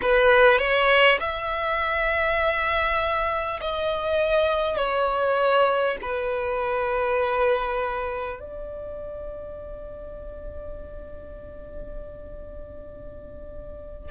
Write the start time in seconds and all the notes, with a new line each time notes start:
0.01 B4
0.58 C#5
1.20 E5
3.60 D#5
4.76 C#5
6.01 B4
8.39 D5